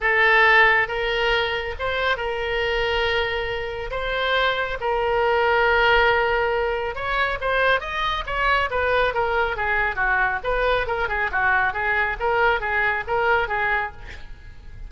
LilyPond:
\new Staff \with { instrumentName = "oboe" } { \time 4/4 \tempo 4 = 138 a'2 ais'2 | c''4 ais'2.~ | ais'4 c''2 ais'4~ | ais'1 |
cis''4 c''4 dis''4 cis''4 | b'4 ais'4 gis'4 fis'4 | b'4 ais'8 gis'8 fis'4 gis'4 | ais'4 gis'4 ais'4 gis'4 | }